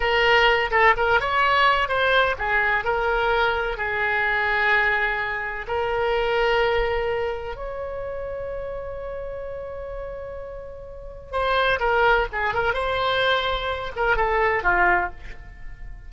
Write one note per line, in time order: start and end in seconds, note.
0.00 0.70 A#4
0.70 0.94 A4
0.96 1.20 A#4
1.20 1.88 C#5
1.88 2.35 C5
2.38 2.84 G#4
2.84 3.77 A#4
3.77 5.66 G#4
5.67 7.55 A#4
7.55 11.31 C#5
11.31 11.79 C5
11.79 12.27 A#4
12.32 12.53 G#4
12.53 12.73 A#4
12.73 13.91 C5
13.96 14.16 A#4
14.16 14.63 A4
14.63 15.10 F4